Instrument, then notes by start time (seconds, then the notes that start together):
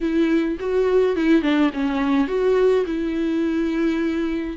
viola
0.00 E4
0.59 F#4
1.16 E4
1.42 D4
1.73 C#4
2.27 F#4
2.86 E4